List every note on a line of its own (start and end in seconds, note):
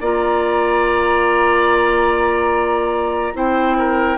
0.00 3.34 A#3
0.00 3.34 F4
0.00 3.33 D5
0.00 3.37 A#5
3.34 4.17 C4
3.34 4.17 E4
3.34 3.77 C5
3.34 4.17 G5
3.78 4.17 A#4